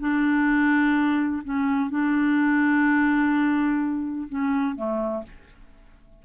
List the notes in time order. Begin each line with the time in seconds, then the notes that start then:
0.00 D4
1.45 C#4
1.90 D4
4.29 C#4
4.76 A3